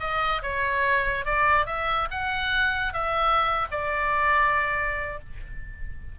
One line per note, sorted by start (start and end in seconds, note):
0.00 0.42 D#5
0.42 1.25 C#5
1.25 1.66 D5
1.66 2.08 E5
2.11 2.93 F#5
2.93 3.67 E5
3.71 5.19 D5